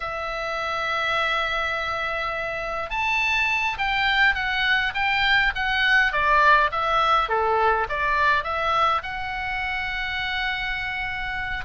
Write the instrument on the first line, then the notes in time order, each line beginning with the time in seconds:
oboe
0.00 E5
2.90 A5
3.78 G5
4.35 F#5
4.94 G5
5.55 F#5
6.12 D5
6.71 E5
7.28 A4
7.89 D5
8.43 E5
9.02 F#5